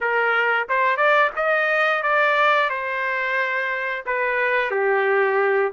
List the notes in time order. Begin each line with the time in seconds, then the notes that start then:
0.00 A#4
0.69 C5
0.97 D5
1.35 D#5
2.02 D5
2.69 C5
4.06 B4
4.70 G4